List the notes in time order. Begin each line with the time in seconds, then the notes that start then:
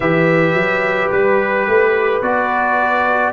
0.00 E3 G4 B4 E5
0.54 F#3
1.11 G3 B4
1.67 A3
2.22 B3 F#4 D5